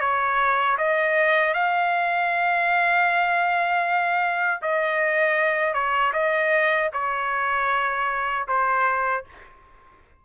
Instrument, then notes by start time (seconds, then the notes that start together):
trumpet
0.00 C#5
0.78 D#5
1.53 F5
4.62 D#5
5.74 C#5
6.13 D#5
6.93 C#5
8.48 C5